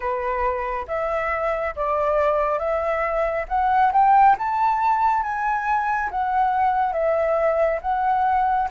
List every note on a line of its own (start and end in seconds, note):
0.00 0.86 B4
0.87 1.74 E5
1.75 2.58 D5
2.58 3.45 E5
3.48 3.91 F#5
3.92 4.36 G5
4.38 5.23 A5
5.23 6.09 G#5
6.11 6.92 F#5
6.92 7.79 E5
7.81 8.68 F#5